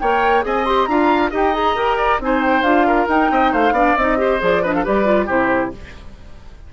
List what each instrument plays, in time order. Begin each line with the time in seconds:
0.00 bassoon A#3, clarinet A#4, oboe C#5, flute G5
0.42 bassoon C4, clarinet G#4, oboe D#5, flute G#5
0.65 clarinet G4, flute C6
0.86 bassoon D4, clarinet F4, oboe F5, flute A#5
1.31 bassoon D#4, clarinet G4, oboe D#5, flute G5
1.54 clarinet G#4, flute A#5
1.76 bassoon G4, clarinet A#4
1.97 oboe D5
2.20 bassoon C4, clarinet D#4, oboe C5, flute G#5
2.42 flute G5
2.62 bassoon D4, clarinet F4, flute F5
2.87 oboe A#4
3.08 bassoon D#4, clarinet D#4, flute G5
3.31 bassoon C4, oboe D#5
3.52 bassoon A3, oboe C5, flute F5
3.72 bassoon B3, clarinet D4, oboe D5
3.97 bassoon C4, clarinet D#4, flute D#5
4.18 clarinet G4, oboe C5
4.40 bassoon F3, clarinet G#4, flute D5
4.63 clarinet D4, oboe B4, flute D#5
4.74 oboe A4, flute F5
4.84 bassoon G3, clarinet G4, oboe B4, flute D5
5.05 clarinet F4
5.26 bassoon C3, clarinet E4, oboe G4, flute C5